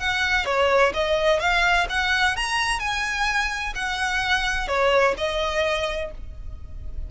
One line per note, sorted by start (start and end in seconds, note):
0.00 0.46 F#5
0.46 0.93 C#5
0.94 1.40 D#5
1.40 1.87 F5
1.90 2.36 F#5
2.36 2.80 A#5
2.80 3.74 G#5
3.75 4.68 F#5
4.68 5.15 C#5
5.18 6.11 D#5